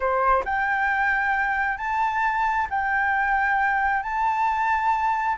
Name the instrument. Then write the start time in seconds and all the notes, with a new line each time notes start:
flute
0.00 C5
0.44 G5
1.77 A5
2.69 G5
4.02 A5